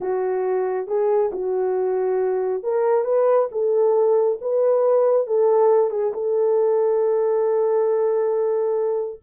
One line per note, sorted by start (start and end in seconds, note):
0.00 0.87 F#4
0.87 1.30 G#4
1.32 2.63 F#4
2.63 3.04 A#4
3.04 3.48 B4
3.51 4.39 A4
4.41 5.26 B4
5.26 5.90 A4
5.90 6.12 G#4
6.13 9.20 A4